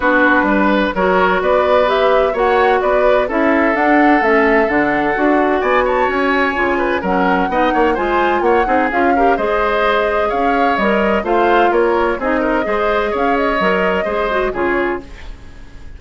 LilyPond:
<<
  \new Staff \with { instrumentName = "flute" } { \time 4/4 \tempo 4 = 128 b'2 cis''4 d''4 | e''4 fis''4 d''4 e''4 | fis''4 e''4 fis''2 | gis''8 a''8 gis''2 fis''4~ |
fis''4 gis''4 fis''4 f''4 | dis''2 f''4 dis''4 | f''4 cis''4 dis''2 | f''8 dis''2~ dis''8 cis''4 | }
  \new Staff \with { instrumentName = "oboe" } { \time 4/4 fis'4 b'4 ais'4 b'4~ | b'4 cis''4 b'4 a'4~ | a'1 | d''8 cis''2 b'8 ais'4 |
dis''8 cis''8 c''4 cis''8 gis'4 ais'8 | c''2 cis''2 | c''4 ais'4 gis'8 ais'8 c''4 | cis''2 c''4 gis'4 | }
  \new Staff \with { instrumentName = "clarinet" } { \time 4/4 d'2 fis'2 | g'4 fis'2 e'4 | d'4 cis'4 d'4 fis'4~ | fis'2 f'4 cis'4 |
dis'4 f'4. dis'8 f'8 g'8 | gis'2. ais'4 | f'2 dis'4 gis'4~ | gis'4 ais'4 gis'8 fis'8 f'4 | }
  \new Staff \with { instrumentName = "bassoon" } { \time 4/4 b4 g4 fis4 b4~ | b4 ais4 b4 cis'4 | d'4 a4 d4 d'4 | b4 cis'4 cis4 fis4 |
b8 ais8 gis4 ais8 c'8 cis'4 | gis2 cis'4 g4 | a4 ais4 c'4 gis4 | cis'4 fis4 gis4 cis4 | }
>>